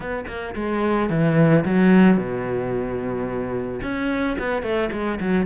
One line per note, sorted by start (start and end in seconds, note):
0.00 0.25 B3
0.27 0.54 A#3
0.55 1.09 G#3
1.09 1.64 E3
1.65 2.17 F#3
2.17 3.81 B2
3.82 4.37 C#4
4.38 4.62 B3
4.62 4.89 A3
4.91 5.19 G#3
5.20 5.45 F#3